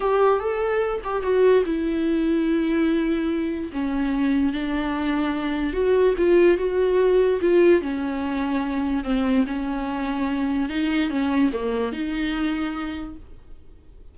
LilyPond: \new Staff \with { instrumentName = "viola" } { \time 4/4 \tempo 4 = 146 g'4 a'4. g'8 fis'4 | e'1~ | e'4 cis'2 d'4~ | d'2 fis'4 f'4 |
fis'2 f'4 cis'4~ | cis'2 c'4 cis'4~ | cis'2 dis'4 cis'4 | ais4 dis'2. | }